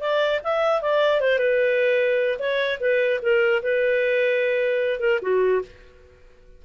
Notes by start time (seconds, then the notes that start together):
0.00 D5
0.43 E5
0.82 D5
1.21 C5
1.38 B4
2.39 C#5
2.80 B4
3.22 A#4
3.62 B4
5.00 A#4
5.22 F#4